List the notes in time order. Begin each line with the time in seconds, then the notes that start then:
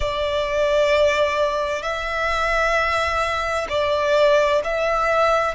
0.00 D5
1.82 E5
3.69 D5
4.64 E5